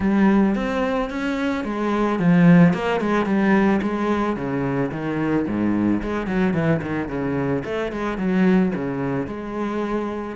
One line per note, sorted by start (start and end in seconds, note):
0.00 0.55 G3
0.55 1.09 C4
1.10 1.64 C#4
1.64 2.19 G#3
2.19 2.73 F3
2.73 3.00 A#3
3.00 3.25 G#3
3.25 3.80 G3
3.82 4.36 G#3
4.36 4.90 C#3
4.91 5.45 D#3
5.47 6.01 G#2
6.02 6.27 G#3
6.27 6.53 F#3
6.53 6.81 E3
6.82 7.08 D#3
7.08 7.63 C#3
7.64 7.92 A3
7.92 8.17 G#3
8.17 8.72 F#3
8.74 9.27 C#3
9.27 10.36 G#3